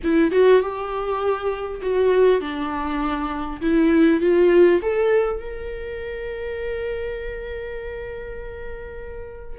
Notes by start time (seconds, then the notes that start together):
0.03 E4
0.31 F#4
0.61 G4
1.81 F#4
2.41 D4
3.61 E4
4.20 F4
4.82 A4
5.39 A#4